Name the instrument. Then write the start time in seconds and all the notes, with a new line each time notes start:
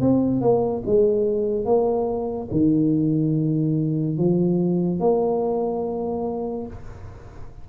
tuba
0.00 C4
0.41 A#3
0.86 G#3
1.65 A#3
2.51 D#3
4.17 F3
5.00 A#3